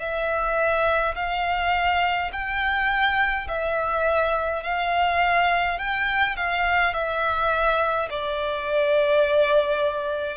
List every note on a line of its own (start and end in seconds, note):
0.00 1.15 E5
1.16 2.31 F5
2.33 3.48 G5
3.49 4.64 E5
4.64 5.79 F5
5.79 6.37 G5
6.37 6.94 F5
6.94 8.09 E5
8.11 10.37 D5